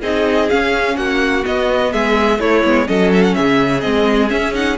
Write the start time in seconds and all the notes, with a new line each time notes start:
0.00 C4 D#4 G#4 D#5
0.49 C#4 F5
0.96 A#3 F#4 F#5
1.43 B3 D#5
1.92 G#3 G#4 E5
2.39 A3 E4 C#5
2.64 G#3 B3
2.86 F#3 C#4 A4 D#5
3.12 E5
3.22 F#5
3.34 C#3 G#4 E5
3.80 G#3 C4 D#5
4.29 C#4 E5
4.53 D#4 F#5